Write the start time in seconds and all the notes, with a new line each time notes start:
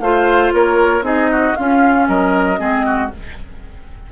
0.00 A3 F4 C5 F5
0.53 A#3 A#4 C#5
1.02 C4 D#4 G#4 D#5
1.31 F#4
1.56 C#4 F4 F5
2.08 F#3 A#4 D#5
2.58 G#3 C4 G#4
2.86 F#4